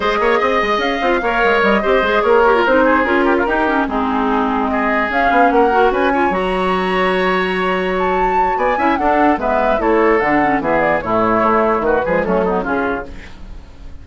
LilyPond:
<<
  \new Staff \with { instrumentName = "flute" } { \time 4/4 \tempo 4 = 147 dis''2 f''2 | dis''4. cis''4 c''4 ais'8~ | ais'4. gis'2 dis''8~ | dis''8 f''4 fis''4 gis''4 ais''8~ |
ais''2.~ ais''8 a''8~ | a''4 gis''4 fis''4 e''4 | cis''4 fis''4 e''8 d''8 cis''4~ | cis''4 b'4 a'4 gis'4 | }
  \new Staff \with { instrumentName = "oboe" } { \time 4/4 c''8 cis''8 dis''2 cis''4~ | cis''8 c''4 ais'4. gis'4 | g'16 f'16 g'4 dis'2 gis'8~ | gis'4. ais'4 b'8 cis''4~ |
cis''1~ | cis''4 d''8 e''8 a'4 b'4 | a'2 gis'4 e'4~ | e'4 fis'8 gis'8 cis'8 dis'8 f'4 | }
  \new Staff \with { instrumentName = "clarinet" } { \time 4/4 gis'2~ gis'8 f'8 ais'4~ | ais'8 g'8 gis'4 g'16 f'16 dis'4 f'8~ | f'8 dis'8 cis'8 c'2~ c'8~ | c'8 cis'4. fis'4 f'8 fis'8~ |
fis'1~ | fis'4. e'8 d'4 b4 | e'4 d'8 cis'8 b4 a4~ | a4. gis8 a8 b8 cis'4 | }
  \new Staff \with { instrumentName = "bassoon" } { \time 4/4 gis8 ais8 c'8 gis8 cis'8 c'8 ais8 gis8 | g8 c'8 gis8 ais4 c'4 cis'8~ | cis'8 dis'4 gis2~ gis8~ | gis8 cis'8 b8 ais4 cis'4 fis8~ |
fis1~ | fis4 b8 cis'8 d'4 gis4 | a4 d4 e4 a,4 | a4 dis8 f8 fis4 cis4 | }
>>